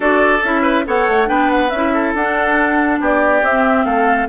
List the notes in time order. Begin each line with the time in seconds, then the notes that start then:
0.00 D4 F#4 A4 D5
0.43 C#4 E4 E5
0.62 B4
0.86 B3 A4 C#5 F#5
1.07 A3
1.26 B3 D4 B4 G5
1.50 F#5
1.70 C#4 E4 E5
1.93 A4
2.14 D4 F#5
3.00 B3 G4 D5
3.41 C4 E5
3.84 A3 A4 F5